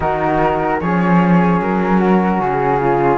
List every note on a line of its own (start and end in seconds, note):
0.00 0.80 D#3
0.00 0.80 D#4
0.00 0.79 F#4
0.00 0.80 A#4
0.80 1.60 F3
0.80 3.17 C#4
0.80 1.99 G#4
0.80 1.60 C#5
1.60 2.40 F#3
1.60 2.40 A#4
1.99 2.79 F#4
2.40 3.17 C#3
2.40 3.17 G#4
2.80 3.17 F4